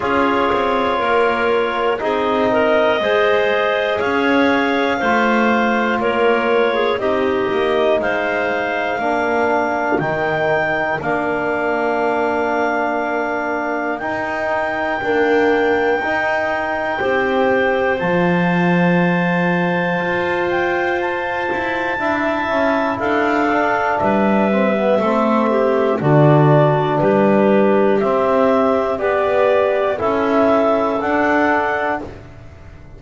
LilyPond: <<
  \new Staff \with { instrumentName = "clarinet" } { \time 4/4 \tempo 4 = 60 cis''2 dis''2 | f''2 cis''4 dis''4 | f''2 g''4 f''4~ | f''2 g''2~ |
g''2 a''2~ | a''8 g''8 a''2 f''4 | e''2 d''4 b'4 | e''4 d''4 e''4 fis''4 | }
  \new Staff \with { instrumentName = "clarinet" } { \time 4/4 gis'4 ais'4 gis'8 ais'8 c''4 | cis''4 c''4 ais'8. gis'16 g'4 | c''4 ais'2.~ | ais'1~ |
ais'4 c''2.~ | c''2 e''4 a'4 | b'4 a'8 g'8 fis'4 g'4~ | g'4 b'4 a'2 | }
  \new Staff \with { instrumentName = "trombone" } { \time 4/4 f'2 dis'4 gis'4~ | gis'4 f'2 dis'4~ | dis'4 d'4 dis'4 d'4~ | d'2 dis'4 ais4 |
dis'4 g'4 f'2~ | f'2 e'4. d'8~ | d'8 c'16 b16 c'4 d'2 | c'4 g'4 e'4 d'4 | }
  \new Staff \with { instrumentName = "double bass" } { \time 4/4 cis'8 c'8 ais4 c'4 gis4 | cis'4 a4 ais4 c'8 ais8 | gis4 ais4 dis4 ais4~ | ais2 dis'4 d'4 |
dis'4 c'4 f2 | f'4. e'8 d'8 cis'8 d'4 | g4 a4 d4 g4 | c'4 b4 cis'4 d'4 | }
>>